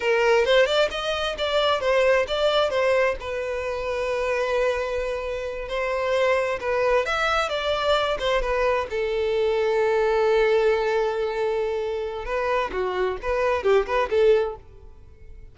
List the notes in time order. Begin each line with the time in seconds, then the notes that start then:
0.00 A#4
0.45 C5
0.65 D5
0.90 D#5
1.38 D5
1.80 C5
2.27 D5
2.70 C5
3.20 B4
5.68 C5
6.60 B4
7.05 E5
7.49 D5
8.19 C5
8.41 B4
8.90 A4
12.25 B4
12.71 F#4
13.21 B4
13.63 G4
13.86 B4
14.10 A4